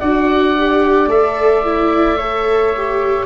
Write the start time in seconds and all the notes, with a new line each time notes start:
0.00 D4 F#4 D5 F#5
0.58 G4
1.06 A3 A4 E5
1.65 E4
2.18 A4 C#5
2.76 G4